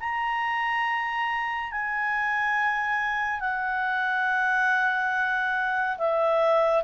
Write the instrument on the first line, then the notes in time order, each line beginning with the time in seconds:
clarinet
0.00 A#5
1.71 G#5
3.40 F#5
5.98 E5